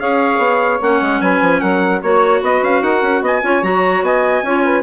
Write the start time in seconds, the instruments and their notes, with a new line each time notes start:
0.00 bassoon C#4, clarinet G#4, saxophone C#5, trumpet F5
0.38 bassoon B3
0.81 bassoon A#3, clarinet C#4, trumpet F#5
1.01 bassoon G#3
1.21 bassoon F#3, saxophone B4, trumpet G#5
1.41 bassoon F3
1.61 bassoon F#3, saxophone A#4, trumpet F#5
2.02 bassoon A#3, clarinet F#4, trumpet C#5, saxophone C#5
2.41 bassoon B3, saxophone B4, trumpet D#5
2.63 bassoon C#4, trumpet F5
2.82 bassoon D#4, saxophone A#4, trumpet F#5
3.02 bassoon C#4
3.21 bassoon B3, saxophone D#5, trumpet G#5
3.43 bassoon C#4, clarinet F4, saxophone C#5
3.63 bassoon F#3, clarinet F#4, trumpet A#5
4.02 bassoon B3, saxophone D#5, trumpet G#5
4.43 bassoon C#4, clarinet F4, saxophone C#5
4.64 saxophone B4